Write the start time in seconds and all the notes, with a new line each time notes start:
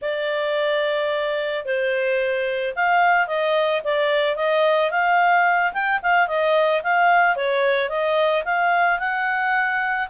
0.01 D5
1.65 C5
2.75 F5
3.27 D#5
3.84 D5
4.36 D#5
4.91 F5
5.73 G5
6.02 F5
6.27 D#5
6.83 F5
7.36 C#5
7.89 D#5
8.44 F5
8.99 F#5